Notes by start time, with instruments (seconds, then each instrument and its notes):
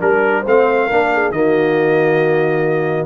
0.00 tuba G3, trombone D4, horn A#4, trumpet A#4
0.40 horn C5
0.46 tuba A3, trombone C4, trumpet F5
0.86 tuba A#3, trombone D4, horn A#4
1.13 horn G#4
1.31 tuba D#3, trombone A#3, horn F#4, trumpet D#5